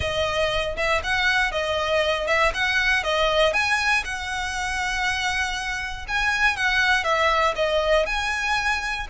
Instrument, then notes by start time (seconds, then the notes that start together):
violin
0.00 D#5
0.76 E5
1.03 F#5
1.51 D#5
2.27 E5
2.53 F#5
3.03 D#5
3.53 G#5
4.04 F#5
6.08 G#5
6.56 F#5
7.03 E5
7.55 D#5
8.06 G#5